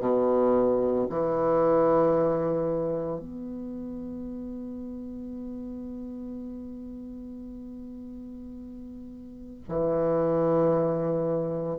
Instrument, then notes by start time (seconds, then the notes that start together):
bassoon
0.00 B2
1.10 E3
3.19 B3
9.69 E3